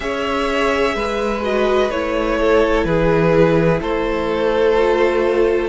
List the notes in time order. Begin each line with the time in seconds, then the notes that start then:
0.00 C#4 G#4 C#5 E5
0.95 G#3 B4
1.42 F#4 D#5
1.90 A3 E4 C#5
2.40 A4
2.84 E3 G#4 B4
3.81 A3 A4 C5
4.77 F4